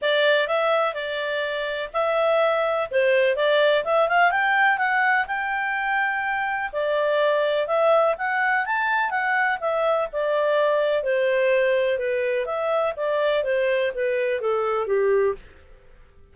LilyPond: \new Staff \with { instrumentName = "clarinet" } { \time 4/4 \tempo 4 = 125 d''4 e''4 d''2 | e''2 c''4 d''4 | e''8 f''8 g''4 fis''4 g''4~ | g''2 d''2 |
e''4 fis''4 a''4 fis''4 | e''4 d''2 c''4~ | c''4 b'4 e''4 d''4 | c''4 b'4 a'4 g'4 | }